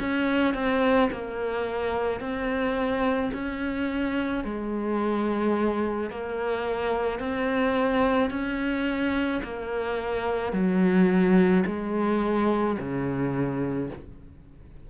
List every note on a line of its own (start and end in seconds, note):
0.00 0.55 C#4
0.55 1.10 C4
1.12 2.21 A#3
2.21 3.32 C4
3.34 4.44 C#4
4.44 6.11 G#3
6.11 7.20 A#3
7.20 8.31 C4
8.31 9.42 C#4
9.44 10.53 A#3
10.53 11.64 F#3
11.67 12.78 G#3
12.79 13.90 C#3